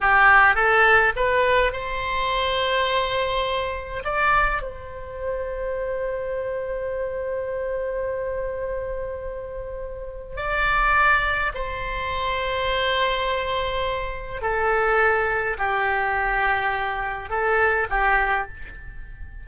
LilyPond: \new Staff \with { instrumentName = "oboe" } { \time 4/4 \tempo 4 = 104 g'4 a'4 b'4 c''4~ | c''2. d''4 | c''1~ | c''1~ |
c''2 d''2 | c''1~ | c''4 a'2 g'4~ | g'2 a'4 g'4 | }